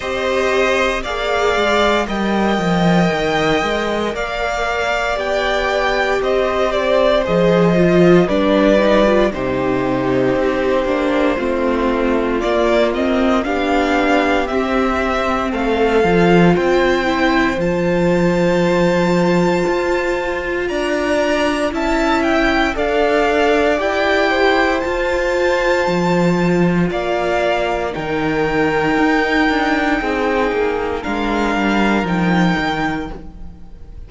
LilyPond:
<<
  \new Staff \with { instrumentName = "violin" } { \time 4/4 \tempo 4 = 58 dis''4 f''4 g''2 | f''4 g''4 dis''8 d''8 dis''4 | d''4 c''2. | d''8 dis''8 f''4 e''4 f''4 |
g''4 a''2. | ais''4 a''8 g''8 f''4 g''4 | a''2 f''4 g''4~ | g''2 f''4 g''4 | }
  \new Staff \with { instrumentName = "violin" } { \time 4/4 c''4 d''4 dis''2 | d''2 c''2 | b'4 g'2 f'4~ | f'4 g'2 a'4 |
c''1 | d''4 e''4 d''4. c''8~ | c''2 d''4 ais'4~ | ais'4 gis'4 ais'2 | }
  \new Staff \with { instrumentName = "viola" } { \time 4/4 g'4 gis'4 ais'2~ | ais'4 g'2 gis'8 f'8 | d'8 dis'16 f'16 dis'4. d'8 c'4 | ais8 c'8 d'4 c'4. f'8~ |
f'8 e'8 f'2.~ | f'4 e'4 a'4 g'4 | f'2. dis'4~ | dis'2 d'4 dis'4 | }
  \new Staff \with { instrumentName = "cello" } { \time 4/4 c'4 ais8 gis8 g8 f8 dis8 gis8 | ais4 b4 c'4 f4 | g4 c4 c'8 ais8 a4 | ais4 b4 c'4 a8 f8 |
c'4 f2 f'4 | d'4 cis'4 d'4 e'4 | f'4 f4 ais4 dis4 | dis'8 d'8 c'8 ais8 gis8 g8 f8 dis8 | }
>>